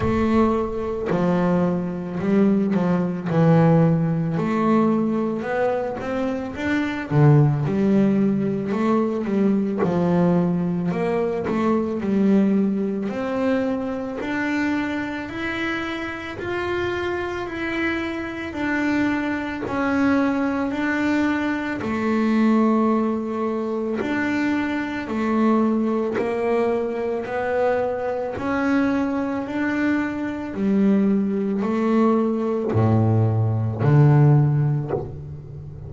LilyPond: \new Staff \with { instrumentName = "double bass" } { \time 4/4 \tempo 4 = 55 a4 f4 g8 f8 e4 | a4 b8 c'8 d'8 d8 g4 | a8 g8 f4 ais8 a8 g4 | c'4 d'4 e'4 f'4 |
e'4 d'4 cis'4 d'4 | a2 d'4 a4 | ais4 b4 cis'4 d'4 | g4 a4 a,4 d4 | }